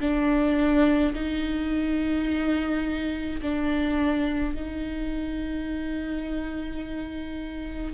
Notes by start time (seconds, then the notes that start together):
0.00 D4
1.14 D#4
3.41 D4
4.54 D#4